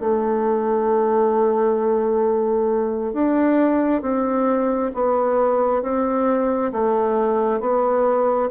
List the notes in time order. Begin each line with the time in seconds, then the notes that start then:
0.00 A3
3.13 D4
4.02 C4
4.94 B3
5.82 C4
6.72 A3
7.60 B3